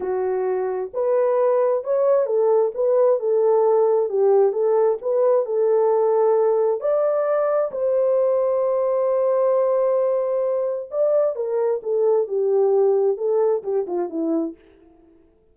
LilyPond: \new Staff \with { instrumentName = "horn" } { \time 4/4 \tempo 4 = 132 fis'2 b'2 | cis''4 a'4 b'4 a'4~ | a'4 g'4 a'4 b'4 | a'2. d''4~ |
d''4 c''2.~ | c''1 | d''4 ais'4 a'4 g'4~ | g'4 a'4 g'8 f'8 e'4 | }